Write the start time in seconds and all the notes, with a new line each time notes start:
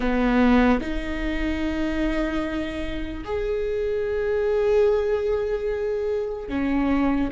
0.00 B3
0.80 D#4
3.24 G#4
6.48 C#4